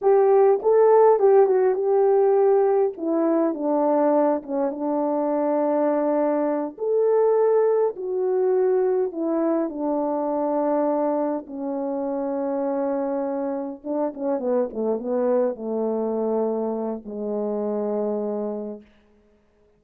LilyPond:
\new Staff \with { instrumentName = "horn" } { \time 4/4 \tempo 4 = 102 g'4 a'4 g'8 fis'8 g'4~ | g'4 e'4 d'4. cis'8 | d'2.~ d'8 a'8~ | a'4. fis'2 e'8~ |
e'8 d'2. cis'8~ | cis'2.~ cis'8 d'8 | cis'8 b8 a8 b4 a4.~ | a4 gis2. | }